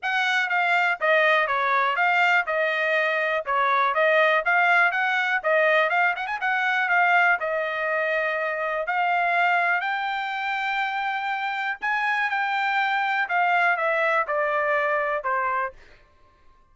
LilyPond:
\new Staff \with { instrumentName = "trumpet" } { \time 4/4 \tempo 4 = 122 fis''4 f''4 dis''4 cis''4 | f''4 dis''2 cis''4 | dis''4 f''4 fis''4 dis''4 | f''8 fis''16 gis''16 fis''4 f''4 dis''4~ |
dis''2 f''2 | g''1 | gis''4 g''2 f''4 | e''4 d''2 c''4 | }